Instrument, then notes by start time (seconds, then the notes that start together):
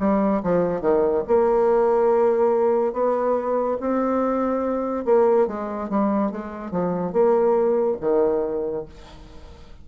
bassoon
0.00 G3
0.44 F3
0.81 D#3
1.28 A#3
2.93 B3
3.81 C4
5.06 A#3
5.48 G#3
5.90 G3
6.32 G#3
6.72 F3
7.13 A#3
8.01 D#3